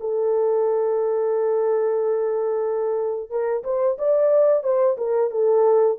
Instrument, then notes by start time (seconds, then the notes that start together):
horn
0.00 A4
3.30 A#4
3.64 C5
3.98 D5
4.63 C5
4.97 A#4
5.31 A4